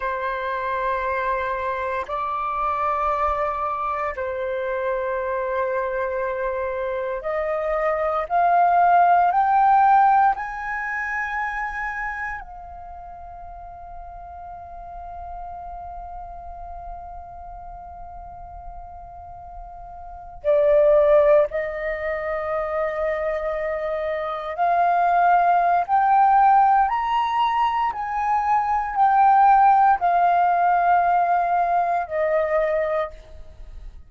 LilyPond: \new Staff \with { instrumentName = "flute" } { \time 4/4 \tempo 4 = 58 c''2 d''2 | c''2. dis''4 | f''4 g''4 gis''2 | f''1~ |
f''2.~ f''8. d''16~ | d''8. dis''2. f''16~ | f''4 g''4 ais''4 gis''4 | g''4 f''2 dis''4 | }